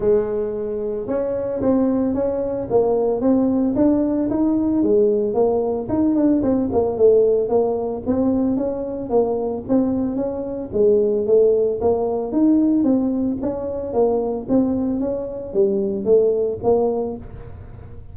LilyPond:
\new Staff \with { instrumentName = "tuba" } { \time 4/4 \tempo 4 = 112 gis2 cis'4 c'4 | cis'4 ais4 c'4 d'4 | dis'4 gis4 ais4 dis'8 d'8 | c'8 ais8 a4 ais4 c'4 |
cis'4 ais4 c'4 cis'4 | gis4 a4 ais4 dis'4 | c'4 cis'4 ais4 c'4 | cis'4 g4 a4 ais4 | }